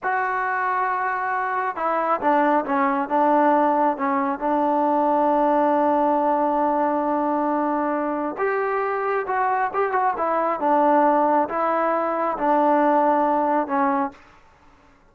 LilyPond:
\new Staff \with { instrumentName = "trombone" } { \time 4/4 \tempo 4 = 136 fis'1 | e'4 d'4 cis'4 d'4~ | d'4 cis'4 d'2~ | d'1~ |
d'2. g'4~ | g'4 fis'4 g'8 fis'8 e'4 | d'2 e'2 | d'2. cis'4 | }